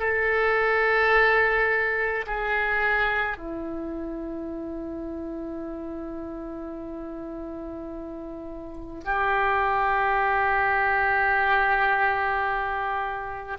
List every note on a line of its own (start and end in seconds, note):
0.00 2.26 A4
2.27 3.38 G#4
3.38 9.04 E4
9.05 13.58 G4